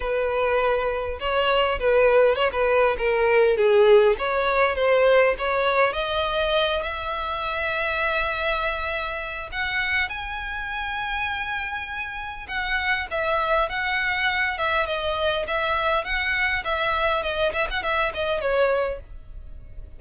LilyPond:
\new Staff \with { instrumentName = "violin" } { \time 4/4 \tempo 4 = 101 b'2 cis''4 b'4 | cis''16 b'8. ais'4 gis'4 cis''4 | c''4 cis''4 dis''4. e''8~ | e''1 |
fis''4 gis''2.~ | gis''4 fis''4 e''4 fis''4~ | fis''8 e''8 dis''4 e''4 fis''4 | e''4 dis''8 e''16 fis''16 e''8 dis''8 cis''4 | }